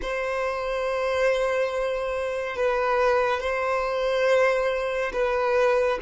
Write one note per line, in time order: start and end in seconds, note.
0.02 2.56 C5
2.56 3.40 B4
3.40 5.12 C5
5.12 5.98 B4